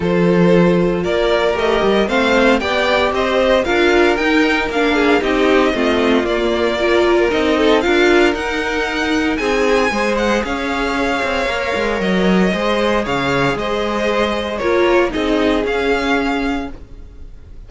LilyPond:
<<
  \new Staff \with { instrumentName = "violin" } { \time 4/4 \tempo 4 = 115 c''2 d''4 dis''4 | f''4 g''4 dis''4 f''4 | g''4 f''4 dis''2 | d''2 dis''4 f''4 |
fis''2 gis''4. fis''8 | f''2. dis''4~ | dis''4 f''4 dis''2 | cis''4 dis''4 f''2 | }
  \new Staff \with { instrumentName = "violin" } { \time 4/4 a'2 ais'2 | c''4 d''4 c''4 ais'4~ | ais'4. gis'8 g'4 f'4~ | f'4 ais'4. a'8 ais'4~ |
ais'2 gis'4 c''4 | cis''1 | c''4 cis''4 c''2 | ais'4 gis'2. | }
  \new Staff \with { instrumentName = "viola" } { \time 4/4 f'2. g'4 | c'4 g'2 f'4 | dis'4 d'4 dis'4 c'4 | ais4 f'4 dis'4 f'4 |
dis'2. gis'4~ | gis'2 ais'2 | gis'1 | f'4 dis'4 cis'2 | }
  \new Staff \with { instrumentName = "cello" } { \time 4/4 f2 ais4 a8 g8 | a4 b4 c'4 d'4 | dis'4 ais4 c'4 a4 | ais2 c'4 d'4 |
dis'2 c'4 gis4 | cis'4. c'8 ais8 gis8 fis4 | gis4 cis4 gis2 | ais4 c'4 cis'2 | }
>>